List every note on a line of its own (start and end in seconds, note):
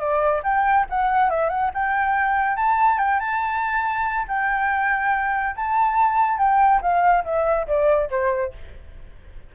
0.00 0.43 D5
0.44 0.86 G5
0.90 1.30 F#5
1.30 1.50 E5
1.50 1.71 F#5
1.74 2.57 G5
2.57 2.99 A5
2.99 3.20 G5
3.20 4.26 A5
4.28 5.56 G5
5.56 6.38 A5
6.38 6.81 G5
6.82 7.24 F5
7.25 7.67 E5
7.67 8.10 D5
8.10 8.53 C5